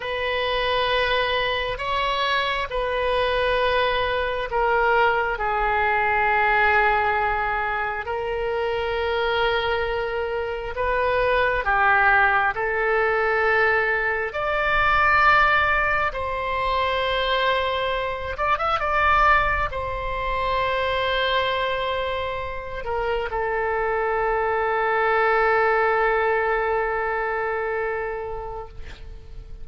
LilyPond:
\new Staff \with { instrumentName = "oboe" } { \time 4/4 \tempo 4 = 67 b'2 cis''4 b'4~ | b'4 ais'4 gis'2~ | gis'4 ais'2. | b'4 g'4 a'2 |
d''2 c''2~ | c''8 d''16 e''16 d''4 c''2~ | c''4. ais'8 a'2~ | a'1 | }